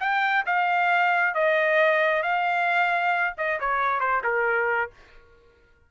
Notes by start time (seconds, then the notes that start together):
0.00 G5
0.46 F5
1.34 D#5
2.23 F5
3.38 D#5
3.60 C#5
4.00 C5
4.24 A#4